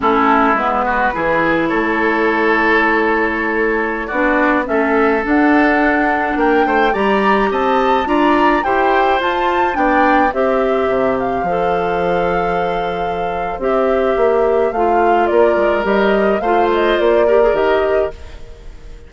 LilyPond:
<<
  \new Staff \with { instrumentName = "flute" } { \time 4/4 \tempo 4 = 106 a'4 b'2 cis''4~ | cis''2.~ cis''16 d''8.~ | d''16 e''4 fis''2 g''8.~ | g''16 ais''4 a''4 ais''4 g''8.~ |
g''16 a''4 g''4 e''4. f''16~ | f''1 | e''2 f''4 d''4 | dis''4 f''8 dis''8 d''4 dis''4 | }
  \new Staff \with { instrumentName = "oboe" } { \time 4/4 e'4. fis'8 gis'4 a'4~ | a'2.~ a'16 fis'8.~ | fis'16 a'2. ais'8 c''16~ | c''16 d''4 dis''4 d''4 c''8.~ |
c''4~ c''16 d''4 c''4.~ c''16~ | c''1~ | c''2. ais'4~ | ais'4 c''4. ais'4. | }
  \new Staff \with { instrumentName = "clarinet" } { \time 4/4 cis'4 b4 e'2~ | e'2.~ e'16 d'8.~ | d'16 cis'4 d'2~ d'8.~ | d'16 g'2 f'4 g'8.~ |
g'16 f'4 d'4 g'4.~ g'16~ | g'16 a'2.~ a'8. | g'2 f'2 | g'4 f'4. g'16 gis'16 g'4 | }
  \new Staff \with { instrumentName = "bassoon" } { \time 4/4 a4 gis4 e4 a4~ | a2.~ a16 b8.~ | b16 a4 d'2 ais8 a16~ | a16 g4 c'4 d'4 e'8.~ |
e'16 f'4 b4 c'4 c8.~ | c16 f2.~ f8. | c'4 ais4 a4 ais8 gis8 | g4 a4 ais4 dis4 | }
>>